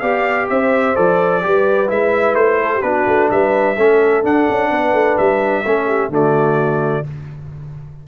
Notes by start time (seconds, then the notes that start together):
0.00 B3 G4 D5 F5
0.50 C4 C5 E5
0.96 F3 A4 D5
1.42 G3 G4 B4
1.88 G#3 E4 E5
2.35 A3 C5
2.63 A4
2.75 G4
2.82 B3 D4 F#4 B4
3.07 A3
3.31 G3 B4 E5
3.77 A3 C#4 A4
4.24 D4 F#5
4.50 C#4
4.71 B3 B4
4.93 A3
5.18 G3 E5
5.65 A3 C#4 A4
5.87 G4
6.09 D3 A3 F#4 D5